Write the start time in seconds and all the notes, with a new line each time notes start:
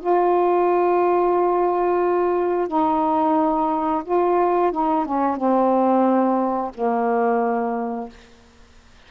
0.00 F4
2.68 D#4
4.04 F4
4.72 D#4
5.05 C#4
5.37 C4
6.75 A#3